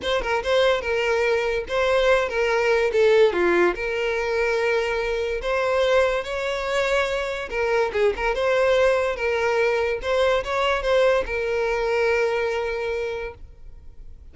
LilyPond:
\new Staff \with { instrumentName = "violin" } { \time 4/4 \tempo 4 = 144 c''8 ais'8 c''4 ais'2 | c''4. ais'4. a'4 | f'4 ais'2.~ | ais'4 c''2 cis''4~ |
cis''2 ais'4 gis'8 ais'8 | c''2 ais'2 | c''4 cis''4 c''4 ais'4~ | ais'1 | }